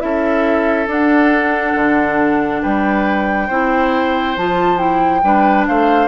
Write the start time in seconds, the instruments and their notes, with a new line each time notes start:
0.00 bassoon C#4, clarinet E4, oboe A4, flute E5
0.87 bassoon D4, clarinet D4, flute F#5
1.75 bassoon D3
2.62 bassoon G3, oboe B4, flute G5
3.48 bassoon C4, clarinet E4, oboe C5
4.37 bassoon F3, clarinet F4, flute A5
4.77 clarinet E4, flute G5
5.24 bassoon G3, clarinet D4, oboe B4
5.67 bassoon A3, oboe C5, flute F5